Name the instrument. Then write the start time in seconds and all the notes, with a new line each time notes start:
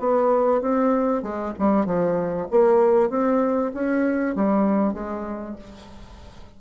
bassoon
0.00 B3
0.61 C4
1.23 G#3
1.59 G3
1.86 F3
2.51 A#3
3.10 C4
3.74 C#4
4.36 G3
4.94 G#3